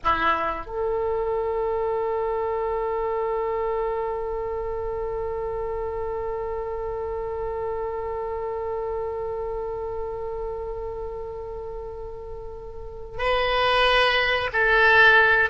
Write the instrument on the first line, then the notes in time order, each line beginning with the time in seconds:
oboe
0.03 E4
0.66 A4
13.18 B4
14.52 A4